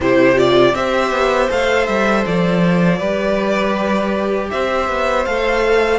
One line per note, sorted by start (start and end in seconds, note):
0.00 0.74 C3
0.00 0.35 E4
0.00 0.76 G4
0.00 0.38 C5
0.35 0.72 F4
0.35 0.75 D5
0.74 1.11 C4
0.74 1.49 G4
0.74 2.98 C5
0.74 1.50 E5
1.11 1.48 B3
1.49 1.88 A3
1.49 2.99 A4
1.49 1.86 F5
1.86 2.25 G3
1.86 2.23 E5
2.25 3.00 F3
2.25 4.50 D5
2.98 4.50 G3
2.98 5.25 G4
2.98 4.48 B4
4.50 4.88 C4
4.50 5.98 C5
4.50 5.25 E5
4.88 5.26 B3
5.25 5.98 A3
5.25 5.98 A4
5.25 5.98 F5